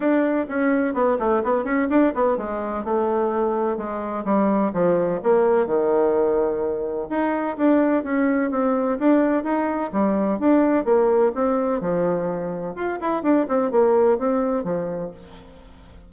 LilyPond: \new Staff \with { instrumentName = "bassoon" } { \time 4/4 \tempo 4 = 127 d'4 cis'4 b8 a8 b8 cis'8 | d'8 b8 gis4 a2 | gis4 g4 f4 ais4 | dis2. dis'4 |
d'4 cis'4 c'4 d'4 | dis'4 g4 d'4 ais4 | c'4 f2 f'8 e'8 | d'8 c'8 ais4 c'4 f4 | }